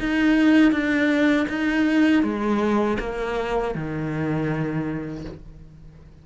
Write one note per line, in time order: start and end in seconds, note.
0.00 0.72 D#4
0.72 1.47 D4
1.49 2.23 D#4
2.23 2.98 G#3
2.99 3.74 A#3
3.74 5.24 D#3